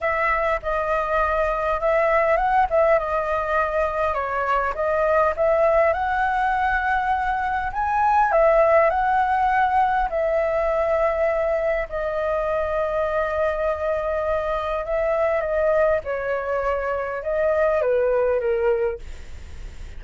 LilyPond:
\new Staff \with { instrumentName = "flute" } { \time 4/4 \tempo 4 = 101 e''4 dis''2 e''4 | fis''8 e''8 dis''2 cis''4 | dis''4 e''4 fis''2~ | fis''4 gis''4 e''4 fis''4~ |
fis''4 e''2. | dis''1~ | dis''4 e''4 dis''4 cis''4~ | cis''4 dis''4 b'4 ais'4 | }